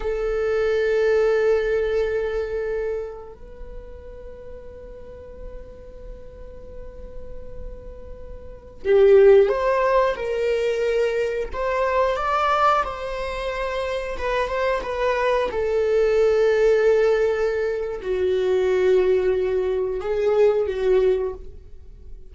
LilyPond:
\new Staff \with { instrumentName = "viola" } { \time 4/4 \tempo 4 = 90 a'1~ | a'4 b'2.~ | b'1~ | b'4~ b'16 g'4 c''4 ais'8.~ |
ais'4~ ais'16 c''4 d''4 c''8.~ | c''4~ c''16 b'8 c''8 b'4 a'8.~ | a'2. fis'4~ | fis'2 gis'4 fis'4 | }